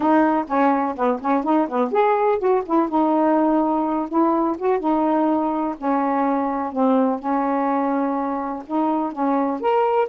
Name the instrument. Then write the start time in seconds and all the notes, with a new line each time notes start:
saxophone
0.00 D#4
0.47 C#4
0.96 B3
1.21 C#4
1.43 D#4
1.68 B3
1.91 G#4
2.38 F#4
2.65 E4
2.88 D#4
4.08 E4
4.58 F#4
4.79 D#4
5.77 C#4
6.72 C4
7.19 C#4
8.66 D#4
9.12 C#4
9.60 A#4